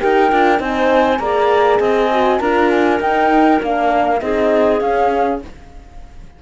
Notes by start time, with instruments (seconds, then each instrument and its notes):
0.00 cello D#4, horn G4, clarinet A#4, flute G5
0.31 cello D4, horn F4
0.58 cello C4, horn D#4, clarinet C5, flute G#5
1.20 cello A#3, horn G#4, clarinet D5, flute A#5
1.80 cello C4, clarinet D#5, flute G#5
2.12 horn F#4
2.40 cello D4, horn F4, clarinet A#4, flute A#5
2.71 flute G#5
3.00 horn D#4, cello D#4, flute G5
3.60 cello A#3, horn D4, flute F5
4.20 cello C4, horn D#4, clarinet G#4, flute D#5
4.80 cello C#4, horn C#4, flute F5